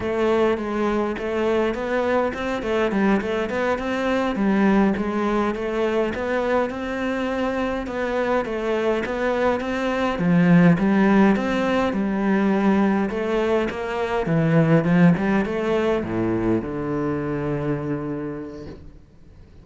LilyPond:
\new Staff \with { instrumentName = "cello" } { \time 4/4 \tempo 4 = 103 a4 gis4 a4 b4 | c'8 a8 g8 a8 b8 c'4 g8~ | g8 gis4 a4 b4 c'8~ | c'4. b4 a4 b8~ |
b8 c'4 f4 g4 c'8~ | c'8 g2 a4 ais8~ | ais8 e4 f8 g8 a4 a,8~ | a,8 d2.~ d8 | }